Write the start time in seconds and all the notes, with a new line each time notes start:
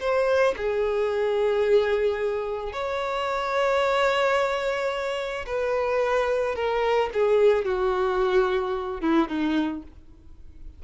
0.00 C5
0.57 G#4
2.73 C#5
5.47 B4
6.56 A#4
7.14 G#4
7.65 F#4
9.01 E4
9.29 D#4